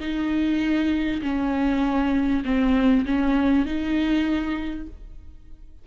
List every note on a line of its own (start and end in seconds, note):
0.00 1.21 D#4
1.22 2.43 C#4
2.45 3.06 C4
3.06 3.66 C#4
3.66 4.87 D#4